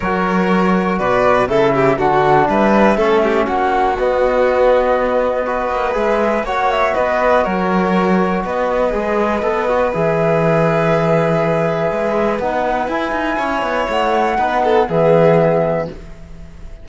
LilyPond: <<
  \new Staff \with { instrumentName = "flute" } { \time 4/4 \tempo 4 = 121 cis''2 d''4 e''4 | fis''4 e''2 fis''4 | dis''1 | e''4 fis''8 e''8 dis''4 cis''4~ |
cis''4 dis''2. | e''1~ | e''4 fis''4 gis''2 | fis''2 e''2 | }
  \new Staff \with { instrumentName = "violin" } { \time 4/4 ais'2 b'4 a'8 g'8 | fis'4 b'4 a'8 g'8 fis'4~ | fis'2. b'4~ | b'4 cis''4 b'4 ais'4~ |
ais'4 b'2.~ | b'1~ | b'2. cis''4~ | cis''4 b'8 a'8 gis'2 | }
  \new Staff \with { instrumentName = "trombone" } { \time 4/4 fis'2. e'4 | d'2 cis'2 | b2. fis'4 | gis'4 fis'2.~ |
fis'2 gis'4 a'8 fis'8 | gis'1~ | gis'4 dis'4 e'2~ | e'4 dis'4 b2 | }
  \new Staff \with { instrumentName = "cello" } { \time 4/4 fis2 b,4 cis4 | d4 g4 a4 ais4 | b2.~ b8 ais8 | gis4 ais4 b4 fis4~ |
fis4 b4 gis4 b4 | e1 | gis4 b4 e'8 dis'8 cis'8 b8 | a4 b4 e2 | }
>>